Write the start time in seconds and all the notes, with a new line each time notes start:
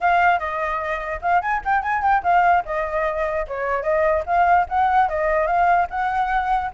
0.00 F5
0.39 D#5
1.21 F5
1.41 G#5
1.64 G5
1.82 G#5
2.02 G5
2.23 F5
2.65 D#5
3.47 C#5
3.82 D#5
4.26 F5
4.68 F#5
5.08 D#5
5.46 F5
5.89 F#5